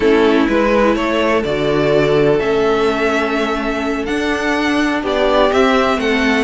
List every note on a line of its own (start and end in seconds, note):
0.00 0.45 A3
0.00 0.48 C#4
0.00 0.94 E4
0.00 0.47 A4
0.47 0.95 G#3
0.47 1.45 E4
0.47 0.95 B4
0.94 1.43 A3
0.94 5.01 A4
0.94 1.43 C#5
1.44 2.40 D3
1.44 2.39 F#4
1.44 2.39 D5
2.39 4.08 A3
2.39 4.06 C#4
2.39 4.05 E5
4.05 5.50 D4
4.05 5.03 D4
4.05 5.01 F#5
5.01 5.51 B3
5.01 5.97 G4
5.01 5.52 D5
5.51 6.44 C4
5.51 5.97 C4
5.51 5.99 E5
5.97 6.44 A3
5.97 6.44 A4
5.97 6.44 F#5